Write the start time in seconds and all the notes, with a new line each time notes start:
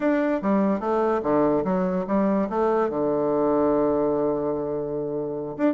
0.00 D4
0.41 G3
0.80 A3
1.23 D3
1.64 F#3
2.07 G3
2.49 A3
2.89 D3
5.57 D4